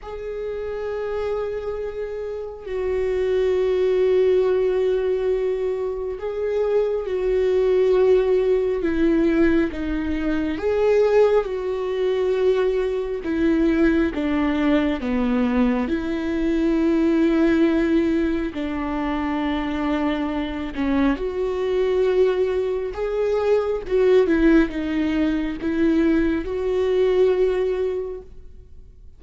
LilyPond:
\new Staff \with { instrumentName = "viola" } { \time 4/4 \tempo 4 = 68 gis'2. fis'4~ | fis'2. gis'4 | fis'2 e'4 dis'4 | gis'4 fis'2 e'4 |
d'4 b4 e'2~ | e'4 d'2~ d'8 cis'8 | fis'2 gis'4 fis'8 e'8 | dis'4 e'4 fis'2 | }